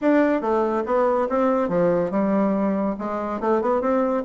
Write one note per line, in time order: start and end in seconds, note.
0.01 0.41 D4
0.41 0.83 A3
0.85 1.28 B3
1.29 1.68 C4
1.68 2.10 F3
2.10 2.95 G3
2.98 3.40 G#3
3.40 3.61 A3
3.61 3.81 B3
3.81 4.23 C4